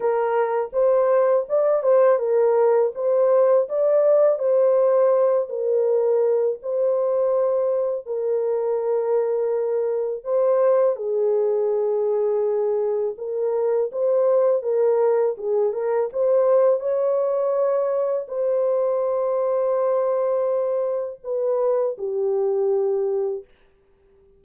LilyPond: \new Staff \with { instrumentName = "horn" } { \time 4/4 \tempo 4 = 82 ais'4 c''4 d''8 c''8 ais'4 | c''4 d''4 c''4. ais'8~ | ais'4 c''2 ais'4~ | ais'2 c''4 gis'4~ |
gis'2 ais'4 c''4 | ais'4 gis'8 ais'8 c''4 cis''4~ | cis''4 c''2.~ | c''4 b'4 g'2 | }